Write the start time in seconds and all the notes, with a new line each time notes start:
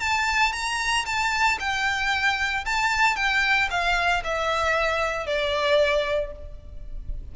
0.00 A5
0.52 A#5
1.05 A5
1.60 G5
2.65 A5
3.16 G5
3.70 F5
4.24 E5
5.27 D5